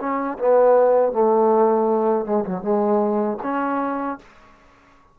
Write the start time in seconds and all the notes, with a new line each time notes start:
0.00 C#4
0.38 B3
1.12 A3
2.25 G#3
2.45 F#3
2.61 G#3
3.42 C#4